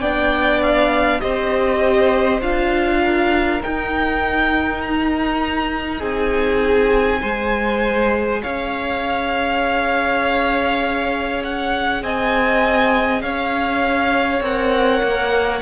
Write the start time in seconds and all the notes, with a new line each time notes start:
0.00 B3 D4 D5 G5
0.62 F5
1.20 C4 G4 C5 D#5
2.41 D4 F4 F5
3.00 A#4
3.61 D#4 G5
4.81 A#5
5.99 C4 G#4 G#5
7.21 G#3 G#4 C5
8.42 C#4 C#5 F5
11.44 F#5
12.02 C4 D#5 G#5
13.21 C#4 C#5 F5
14.41 C4 A#4 F#5
15.03 A#3